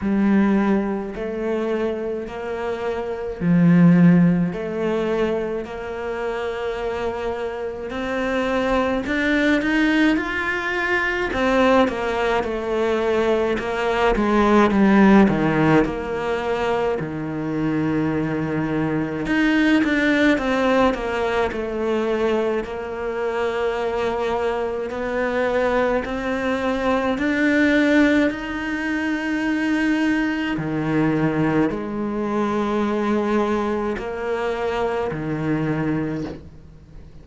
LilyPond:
\new Staff \with { instrumentName = "cello" } { \time 4/4 \tempo 4 = 53 g4 a4 ais4 f4 | a4 ais2 c'4 | d'8 dis'8 f'4 c'8 ais8 a4 | ais8 gis8 g8 dis8 ais4 dis4~ |
dis4 dis'8 d'8 c'8 ais8 a4 | ais2 b4 c'4 | d'4 dis'2 dis4 | gis2 ais4 dis4 | }